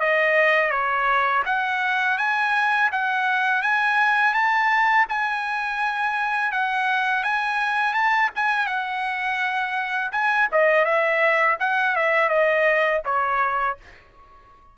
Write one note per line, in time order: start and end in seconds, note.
0.00 0.71 D#5
0.71 1.43 C#5
1.46 2.19 F#5
2.19 2.91 G#5
2.92 3.63 F#5
3.63 4.34 G#5
4.34 5.06 A5
5.09 6.52 G#5
6.52 7.24 F#5
7.24 7.94 G#5
7.94 8.30 A5
8.36 8.67 G#5
8.67 10.12 F#5
10.12 10.48 G#5
10.52 10.85 D#5
10.85 11.58 E5
11.60 11.96 F#5
11.96 12.30 E5
12.30 13.02 D#5
13.05 13.78 C#5